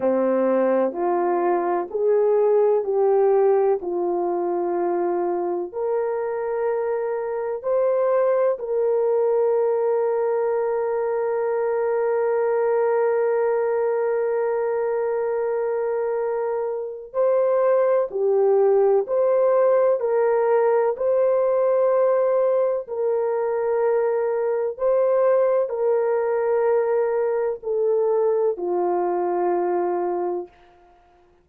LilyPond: \new Staff \with { instrumentName = "horn" } { \time 4/4 \tempo 4 = 63 c'4 f'4 gis'4 g'4 | f'2 ais'2 | c''4 ais'2.~ | ais'1~ |
ais'2 c''4 g'4 | c''4 ais'4 c''2 | ais'2 c''4 ais'4~ | ais'4 a'4 f'2 | }